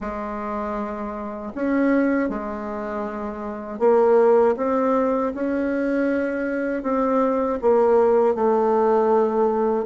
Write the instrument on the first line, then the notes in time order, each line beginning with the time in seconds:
bassoon
0.00 G#3
1.55 C#4
2.29 G#3
3.79 A#3
4.56 C4
5.34 C#4
6.83 C4
7.61 A#3
8.34 A3